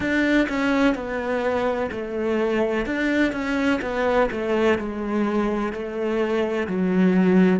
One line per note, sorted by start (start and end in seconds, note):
0.00 0.47 D4
0.48 0.94 C#4
0.94 1.90 B3
1.90 2.86 A3
2.86 3.32 D4
3.32 3.80 C#4
3.81 4.29 B3
4.31 4.78 A3
4.78 5.72 G#3
5.72 6.67 A3
6.67 7.60 F#3